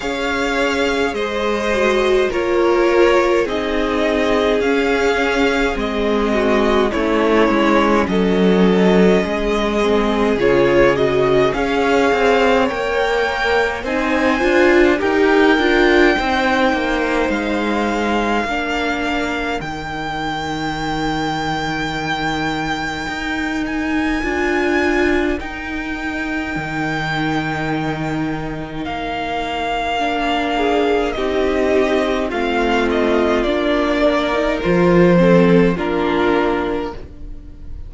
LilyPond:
<<
  \new Staff \with { instrumentName = "violin" } { \time 4/4 \tempo 4 = 52 f''4 dis''4 cis''4 dis''4 | f''4 dis''4 cis''4 dis''4~ | dis''4 cis''8 dis''8 f''4 g''4 | gis''4 g''2 f''4~ |
f''4 g''2.~ | g''8 gis''4. g''2~ | g''4 f''2 dis''4 | f''8 dis''8 d''4 c''4 ais'4 | }
  \new Staff \with { instrumentName = "violin" } { \time 4/4 cis''4 c''4 ais'4 gis'4~ | gis'4. fis'8 e'4 a'4 | gis'2 cis''2 | c''4 ais'4 c''2 |
ais'1~ | ais'1~ | ais'2~ ais'8 gis'8 g'4 | f'4. ais'4 a'8 f'4 | }
  \new Staff \with { instrumentName = "viola" } { \time 4/4 gis'4. fis'8 f'4 dis'4 | cis'4 c'4 cis'2~ | cis'8 c'8 f'8 fis'8 gis'4 ais'4 | dis'8 f'8 g'8 f'8 dis'2 |
d'4 dis'2.~ | dis'4 f'4 dis'2~ | dis'2 d'4 dis'4 | c'4 d'8. dis'16 f'8 c'8 d'4 | }
  \new Staff \with { instrumentName = "cello" } { \time 4/4 cis'4 gis4 ais4 c'4 | cis'4 gis4 a8 gis8 fis4 | gis4 cis4 cis'8 c'8 ais4 | c'8 d'8 dis'8 d'8 c'8 ais8 gis4 |
ais4 dis2. | dis'4 d'4 dis'4 dis4~ | dis4 ais2 c'4 | a4 ais4 f4 ais4 | }
>>